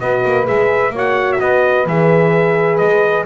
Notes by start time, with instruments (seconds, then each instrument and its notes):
0.00 double bass B3, horn F#4, saxophone B4, trumpet D#5
0.25 double bass A#3
0.45 double bass G#3, horn G#4, trumpet E5
0.90 double bass A#3, horn F#4, saxophone C#5
0.98 trumpet F#5
1.32 trumpet E5
1.41 double bass B3, saxophone B4, trumpet D#5
1.86 double bass E3, horn G#4, trumpet E5
2.78 double bass G#3, trumpet D#5